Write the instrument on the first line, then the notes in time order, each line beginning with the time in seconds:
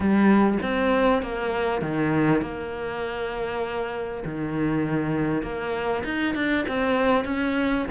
cello
0.00 G3
0.62 C4
1.22 A#3
1.81 D#3
2.41 A#3
4.24 D#3
5.42 A#3
6.04 D#4
6.35 D4
6.67 C4
7.24 C#4